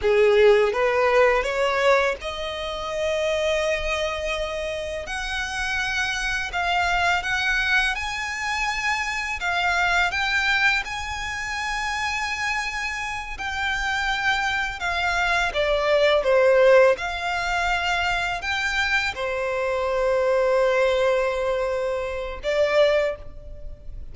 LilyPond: \new Staff \with { instrumentName = "violin" } { \time 4/4 \tempo 4 = 83 gis'4 b'4 cis''4 dis''4~ | dis''2. fis''4~ | fis''4 f''4 fis''4 gis''4~ | gis''4 f''4 g''4 gis''4~ |
gis''2~ gis''8 g''4.~ | g''8 f''4 d''4 c''4 f''8~ | f''4. g''4 c''4.~ | c''2. d''4 | }